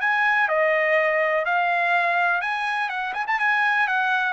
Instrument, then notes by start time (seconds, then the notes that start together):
trumpet
0.00 G#5
0.48 D#5
1.45 F5
2.41 G#5
2.89 F#5
3.13 G#5
3.27 A5
3.39 G#5
3.87 F#5